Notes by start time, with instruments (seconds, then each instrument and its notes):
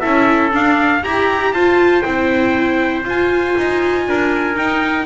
0.00 double bass C#4, viola E4, trumpet A4 E5
0.51 viola D4, double bass D4, trumpet F5
1.04 double bass E4, trumpet G4 A#5, viola G4
1.53 double bass F4, viola F4, trumpet C5 A5
2.02 double bass C4, viola E4, trumpet G5
3.04 viola F4, double bass F4, trumpet G#5
3.57 double bass D#4
4.07 double bass D4, trumpet A#4
4.56 viola D#4, double bass D#4, trumpet G5